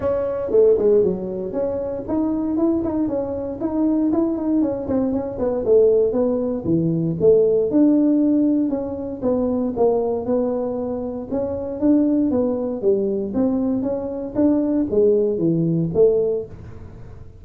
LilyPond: \new Staff \with { instrumentName = "tuba" } { \time 4/4 \tempo 4 = 117 cis'4 a8 gis8 fis4 cis'4 | dis'4 e'8 dis'8 cis'4 dis'4 | e'8 dis'8 cis'8 c'8 cis'8 b8 a4 | b4 e4 a4 d'4~ |
d'4 cis'4 b4 ais4 | b2 cis'4 d'4 | b4 g4 c'4 cis'4 | d'4 gis4 e4 a4 | }